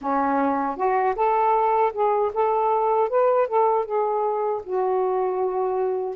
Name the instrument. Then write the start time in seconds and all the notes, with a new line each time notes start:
saxophone
0.01 C#4
0.76 F#4
1.15 A4
1.93 G#4
2.33 A4
3.09 B4
3.47 A4
3.85 G#4
4.63 F#4